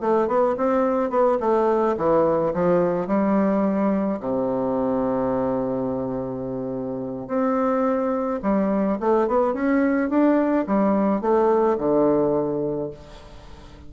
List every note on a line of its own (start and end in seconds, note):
0.00 0.27 A3
0.27 0.56 B3
0.57 1.10 C4
1.10 1.38 B3
1.40 1.96 A3
1.97 2.53 E3
2.53 3.07 F3
3.07 4.19 G3
4.20 7.27 C3
7.27 8.40 C4
8.42 8.98 G3
9.00 9.27 A3
9.27 9.54 B3
9.54 10.09 C#4
10.09 10.65 D4
10.66 11.21 G3
11.21 11.77 A3
11.78 12.90 D3